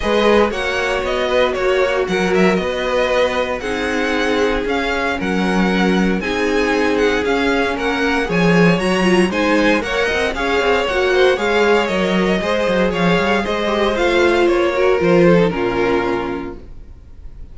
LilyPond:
<<
  \new Staff \with { instrumentName = "violin" } { \time 4/4 \tempo 4 = 116 dis''4 fis''4 dis''4 cis''4 | fis''8 e''8 dis''2 fis''4~ | fis''4 f''4 fis''2 | gis''4. fis''8 f''4 fis''4 |
gis''4 ais''4 gis''4 fis''4 | f''4 fis''4 f''4 dis''4~ | dis''4 f''4 dis''4 f''4 | cis''4 c''4 ais'2 | }
  \new Staff \with { instrumentName = "violin" } { \time 4/4 b'4 cis''4. b'8 fis'4 | ais'4 b'2 gis'4~ | gis'2 ais'2 | gis'2. ais'4 |
cis''2 c''4 cis''8 dis''8 | cis''4. c''8 cis''2 | c''4 cis''4 c''2~ | c''8 ais'4 a'8 f'2 | }
  \new Staff \with { instrumentName = "viola" } { \time 4/4 gis'4 fis'2.~ | fis'2. dis'4~ | dis'4 cis'2. | dis'2 cis'2 |
gis'4 fis'8 f'8 dis'4 ais'4 | gis'4 fis'4 gis'4 ais'4 | gis'2~ gis'8 g'8 f'4~ | f'8 fis'8 f'8. dis'16 cis'2 | }
  \new Staff \with { instrumentName = "cello" } { \time 4/4 gis4 ais4 b4 ais4 | fis4 b2 c'4~ | c'4 cis'4 fis2 | c'2 cis'4 ais4 |
f4 fis4 gis4 ais8 c'8 | cis'8 c'8 ais4 gis4 fis4 | gis8 fis8 f8 g8 gis4 a4 | ais4 f4 ais,2 | }
>>